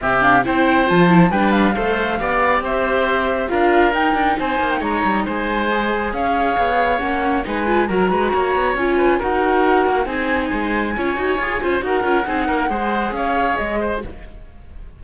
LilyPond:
<<
  \new Staff \with { instrumentName = "flute" } { \time 4/4 \tempo 4 = 137 e''8 f''8 g''4 a''4 g''8 f''8~ | f''2 e''2 | f''4 g''4 gis''8. g''16 ais''4 | gis''2 f''2 |
fis''4 gis''4 ais''2 | gis''4 fis''2 gis''4~ | gis''2. fis''4~ | fis''2 f''4 dis''4 | }
  \new Staff \with { instrumentName = "oboe" } { \time 4/4 g'4 c''2 b'4 | c''4 d''4 c''2 | ais'2 c''4 cis''4 | c''2 cis''2~ |
cis''4 b'4 ais'8 b'8 cis''4~ | cis''8 b'8 ais'2 gis'4 | c''4 cis''4. c''8 ais'4 | gis'8 ais'8 c''4 cis''4. c''8 | }
  \new Staff \with { instrumentName = "viola" } { \time 4/4 c'8 d'8 e'4 f'8 e'8 d'4 | a'4 g'2. | f'4 dis'2.~ | dis'4 gis'2. |
cis'4 dis'8 f'8 fis'2 | f'4 fis'2 dis'4~ | dis'4 f'8 fis'8 gis'8 f'8 fis'8 f'8 | dis'4 gis'2. | }
  \new Staff \with { instrumentName = "cello" } { \time 4/4 c4 c'4 f4 g4 | a4 b4 c'2 | d'4 dis'8 d'8 c'8 ais8 gis8 g8 | gis2 cis'4 b4 |
ais4 gis4 fis8 gis8 ais8 b8 | cis'4 dis'4. ais8 c'4 | gis4 cis'8 dis'8 f'8 cis'8 dis'8 cis'8 | c'8 ais8 gis4 cis'4 gis4 | }
>>